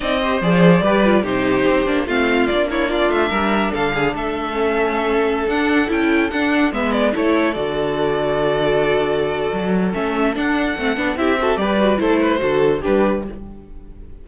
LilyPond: <<
  \new Staff \with { instrumentName = "violin" } { \time 4/4 \tempo 4 = 145 dis''4 d''2 c''4~ | c''4 f''4 d''8 cis''8 d''8 e''8~ | e''4 f''4 e''2~ | e''4~ e''16 fis''4 g''4 fis''8.~ |
fis''16 e''8 d''8 cis''4 d''4.~ d''16~ | d''1 | e''4 fis''2 e''4 | d''4 c''2 b'4 | }
  \new Staff \with { instrumentName = "violin" } { \time 4/4 d''8 c''4. b'4 g'4~ | g'4 f'4. e'8 f'4 | ais'4 a'8 gis'8 a'2~ | a'1~ |
a'16 b'4 a'2~ a'8.~ | a'1~ | a'2. g'8 a'8 | b'4 a'8 b'8 a'4 g'4 | }
  \new Staff \with { instrumentName = "viola" } { \time 4/4 dis'8 g'8 gis'4 g'8 f'8 dis'4~ | dis'8 d'8 c'4 d'2~ | d'2. cis'4~ | cis'4~ cis'16 d'4 e'4 d'8.~ |
d'16 b4 e'4 fis'4.~ fis'16~ | fis'1 | cis'4 d'4 c'8 d'8 e'8 fis'8 | g'8 fis'8 e'4 fis'4 d'4 | }
  \new Staff \with { instrumentName = "cello" } { \time 4/4 c'4 f4 g4 c4 | c'8 ais8 a4 ais4. a8 | g4 d4 a2~ | a4~ a16 d'4 cis'4 d'8.~ |
d'16 gis4 a4 d4.~ d16~ | d2. fis4 | a4 d'4 a8 b8 c'4 | g4 a4 d4 g4 | }
>>